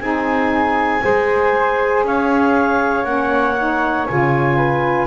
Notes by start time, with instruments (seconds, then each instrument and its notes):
0.00 double bass C4, saxophone D#4, flute G#4, clarinet G#5
1.00 double bass G#3, saxophone G#4, flute C5
2.03 double bass C#4, flute C#5, clarinet F5
3.04 double bass A#3, saxophone C#4, clarinet F#5
3.57 saxophone D#4
4.07 double bass C#3, saxophone F4, clarinet G#5
4.56 flute B4